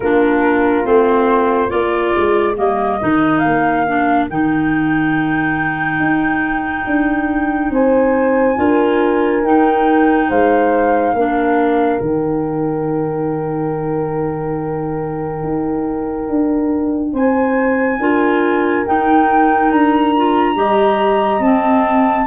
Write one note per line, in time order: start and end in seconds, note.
0.00 0.85 A#3
0.00 0.84 D4
0.00 1.72 F4
0.00 0.85 A#4
0.84 1.71 A3
0.84 1.69 C4
0.84 1.70 C5
1.69 2.15 A#3
1.69 2.54 F4
1.69 7.72 A#4
1.69 2.55 D5
2.16 2.57 G#3
2.56 3.00 G3
2.56 2.99 A#3
2.56 3.39 D#5
3.01 3.44 D#3
3.01 3.86 D#4
3.39 4.29 A#3
3.39 4.24 F5
3.87 4.30 D4
4.29 5.99 D#3
4.29 8.56 D#4
4.29 7.72 G5
5.99 6.85 D#4
6.86 7.70 D4
7.70 8.56 C4
7.70 8.58 C5
7.70 9.45 G#5
8.56 9.42 D4
8.56 9.42 F4
8.56 10.29 A#4
9.42 10.28 D#4
9.42 11.16 D#4
9.42 10.30 G5
10.29 11.13 G#3
10.29 11.14 C5
10.29 12.00 F5
11.13 11.99 A#3
11.13 12.00 D4
11.13 17.12 A#4
12.00 15.43 D#3
12.00 18.00 D#4
12.00 17.14 G5
15.43 16.28 D#4
16.29 17.13 D4
17.12 17.98 C4
17.12 17.98 C5
17.12 18.85 G#5
17.98 18.84 D4
17.98 18.86 F4
17.98 20.57 A#4
18.86 20.14 D#4
18.86 19.70 D#4
18.86 19.71 G5
19.70 20.56 D4
19.70 21.42 A#5
20.16 20.55 F4
20.55 21.39 G3
20.55 21.41 G4
20.55 22.26 D#5
21.39 22.25 C4
21.39 22.26 C4
21.39 22.26 A5